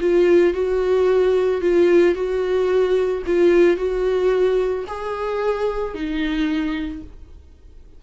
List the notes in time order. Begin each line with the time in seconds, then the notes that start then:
0.00 F4
0.53 F#4
1.61 F4
2.14 F#4
3.26 F4
3.76 F#4
4.87 G#4
5.94 D#4